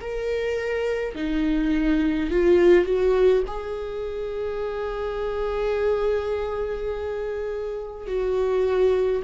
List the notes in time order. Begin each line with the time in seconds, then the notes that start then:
0.00 A#4
1.15 D#4
2.30 F4
2.85 F#4
3.47 G#4
8.07 F#4